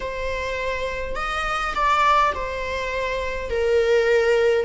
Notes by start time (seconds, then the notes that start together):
0.00 C5
1.15 D#5
1.74 D5
2.34 C5
3.50 A#4